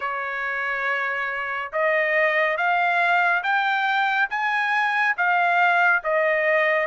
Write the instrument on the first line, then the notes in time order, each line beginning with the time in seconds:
trumpet
0.00 C#5
1.72 D#5
2.57 F5
3.43 G5
4.29 G#5
5.17 F5
6.03 D#5